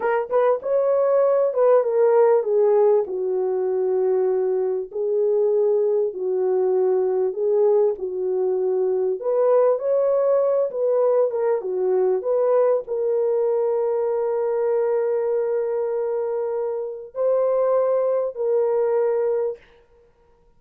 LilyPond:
\new Staff \with { instrumentName = "horn" } { \time 4/4 \tempo 4 = 98 ais'8 b'8 cis''4. b'8 ais'4 | gis'4 fis'2. | gis'2 fis'2 | gis'4 fis'2 b'4 |
cis''4. b'4 ais'8 fis'4 | b'4 ais'2.~ | ais'1 | c''2 ais'2 | }